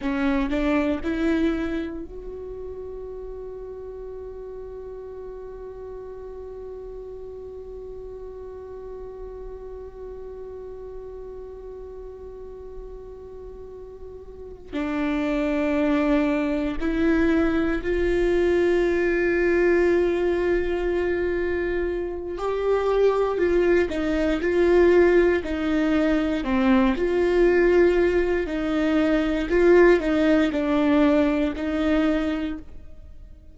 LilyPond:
\new Staff \with { instrumentName = "viola" } { \time 4/4 \tempo 4 = 59 cis'8 d'8 e'4 fis'2~ | fis'1~ | fis'1~ | fis'2~ fis'8 d'4.~ |
d'8 e'4 f'2~ f'8~ | f'2 g'4 f'8 dis'8 | f'4 dis'4 c'8 f'4. | dis'4 f'8 dis'8 d'4 dis'4 | }